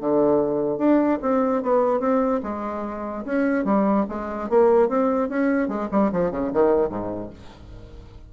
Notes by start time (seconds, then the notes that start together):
0.00 D3
0.77 D4
1.22 C4
1.62 B3
1.99 C4
2.43 G#3
3.25 C#4
3.64 G3
4.09 G#3
4.49 A#3
4.88 C4
5.29 C#4
5.68 G#3
5.91 G3
6.12 F3
6.30 C#3
6.53 D#3
6.89 G#2